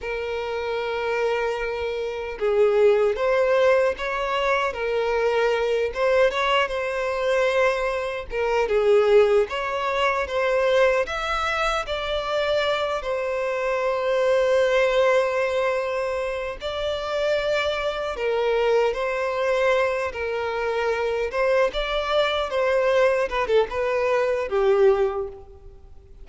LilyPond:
\new Staff \with { instrumentName = "violin" } { \time 4/4 \tempo 4 = 76 ais'2. gis'4 | c''4 cis''4 ais'4. c''8 | cis''8 c''2 ais'8 gis'4 | cis''4 c''4 e''4 d''4~ |
d''8 c''2.~ c''8~ | c''4 d''2 ais'4 | c''4. ais'4. c''8 d''8~ | d''8 c''4 b'16 a'16 b'4 g'4 | }